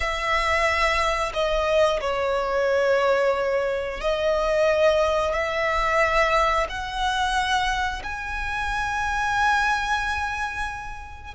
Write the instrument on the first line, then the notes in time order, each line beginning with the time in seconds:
violin
0.00 E5
1.33 D#5
2.00 C#5
4.00 D#5
5.33 E5
6.69 F#5
8.03 G#5